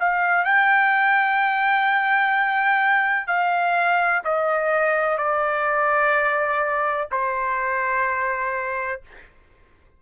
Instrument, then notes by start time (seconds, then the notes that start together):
trumpet
0.00 F5
0.45 G5
3.27 F5
4.24 D#5
5.18 D5
7.12 C5